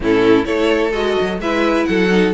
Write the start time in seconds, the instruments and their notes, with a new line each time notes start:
0.00 cello A2, viola C#4, violin E4 A4
0.44 cello A3, viola E4, violin A4 C#5
0.92 cello G#3, viola F#4, violin D#5
1.21 cello F#3
1.38 cello G#3, viola E4, violin B4 E5
1.85 cello F#3, violin A4 F#5
2.09 viola D#4